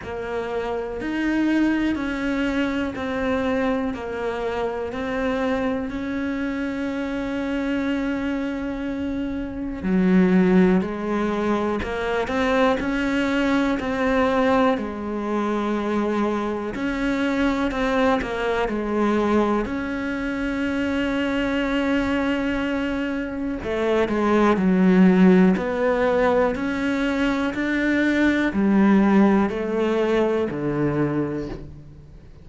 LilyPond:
\new Staff \with { instrumentName = "cello" } { \time 4/4 \tempo 4 = 61 ais4 dis'4 cis'4 c'4 | ais4 c'4 cis'2~ | cis'2 fis4 gis4 | ais8 c'8 cis'4 c'4 gis4~ |
gis4 cis'4 c'8 ais8 gis4 | cis'1 | a8 gis8 fis4 b4 cis'4 | d'4 g4 a4 d4 | }